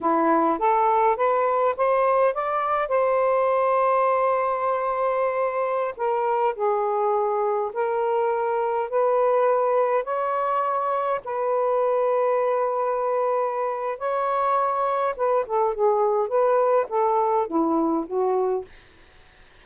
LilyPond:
\new Staff \with { instrumentName = "saxophone" } { \time 4/4 \tempo 4 = 103 e'4 a'4 b'4 c''4 | d''4 c''2.~ | c''2~ c''16 ais'4 gis'8.~ | gis'4~ gis'16 ais'2 b'8.~ |
b'4~ b'16 cis''2 b'8.~ | b'1 | cis''2 b'8 a'8 gis'4 | b'4 a'4 e'4 fis'4 | }